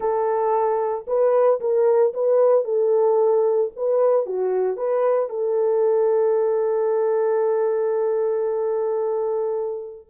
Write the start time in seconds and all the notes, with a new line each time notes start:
0.00 A4
1.07 B4
1.60 A#4
2.13 B4
2.64 A4
3.76 B4
4.26 F#4
4.76 B4
5.29 A4